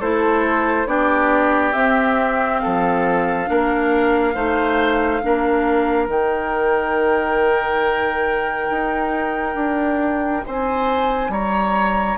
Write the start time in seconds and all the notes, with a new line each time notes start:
0.00 A3 E4 A4 C5
0.86 B3 D4 G4 D5
1.72 C4 E5
2.58 A4 F5
2.65 F3
3.46 A#3 D4 A#4
4.34 A3 D#4 C5
5.22 A#3 D4 A#4
6.08 D#3 D#4 G5
8.70 D#4
9.55 D4
10.46 C4 C5 G#5
11.28 G3 C#5 A#5